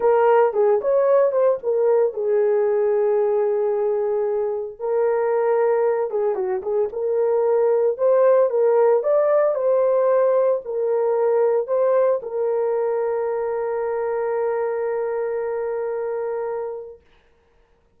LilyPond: \new Staff \with { instrumentName = "horn" } { \time 4/4 \tempo 4 = 113 ais'4 gis'8 cis''4 c''8 ais'4 | gis'1~ | gis'4 ais'2~ ais'8 gis'8 | fis'8 gis'8 ais'2 c''4 |
ais'4 d''4 c''2 | ais'2 c''4 ais'4~ | ais'1~ | ais'1 | }